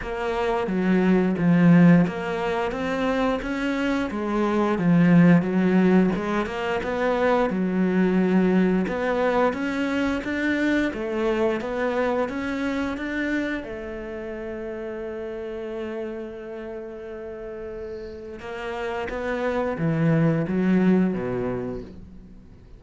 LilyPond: \new Staff \with { instrumentName = "cello" } { \time 4/4 \tempo 4 = 88 ais4 fis4 f4 ais4 | c'4 cis'4 gis4 f4 | fis4 gis8 ais8 b4 fis4~ | fis4 b4 cis'4 d'4 |
a4 b4 cis'4 d'4 | a1~ | a2. ais4 | b4 e4 fis4 b,4 | }